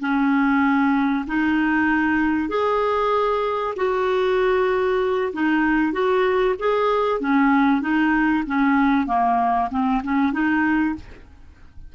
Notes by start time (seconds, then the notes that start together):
0.00 C#4
1.27 D#4
2.49 G#4
3.76 F#4
5.33 D#4
5.92 F#4
6.59 G#4
7.20 C#4
7.81 D#4
8.46 C#4
9.07 A#3
9.70 C4
10.03 C#4
10.32 D#4